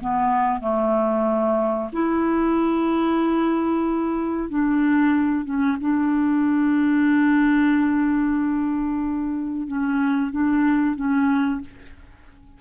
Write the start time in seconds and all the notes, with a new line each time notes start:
0.00 B3
0.60 A3
1.93 E4
4.49 D4
5.45 C#4
5.81 D4
9.67 C#4
10.31 D4
10.96 C#4